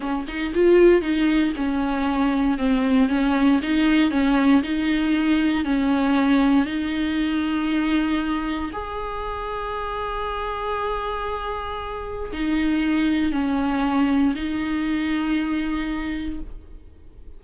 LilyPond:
\new Staff \with { instrumentName = "viola" } { \time 4/4 \tempo 4 = 117 cis'8 dis'8 f'4 dis'4 cis'4~ | cis'4 c'4 cis'4 dis'4 | cis'4 dis'2 cis'4~ | cis'4 dis'2.~ |
dis'4 gis'2.~ | gis'1 | dis'2 cis'2 | dis'1 | }